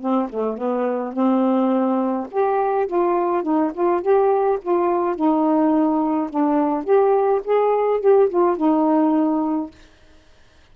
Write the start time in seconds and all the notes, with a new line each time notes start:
0.00 C4
0.29 A3
0.57 B3
1.13 C4
2.31 G4
2.87 F4
3.43 D#4
3.73 F4
4.01 G4
4.62 F4
5.15 D#4
6.30 D4
6.84 G4
7.44 G#4
8.00 G4
8.29 F4
8.56 D#4